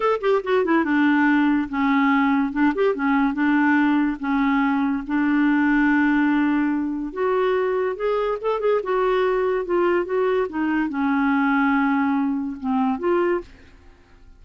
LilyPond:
\new Staff \with { instrumentName = "clarinet" } { \time 4/4 \tempo 4 = 143 a'8 g'8 fis'8 e'8 d'2 | cis'2 d'8 g'8 cis'4 | d'2 cis'2 | d'1~ |
d'4 fis'2 gis'4 | a'8 gis'8 fis'2 f'4 | fis'4 dis'4 cis'2~ | cis'2 c'4 f'4 | }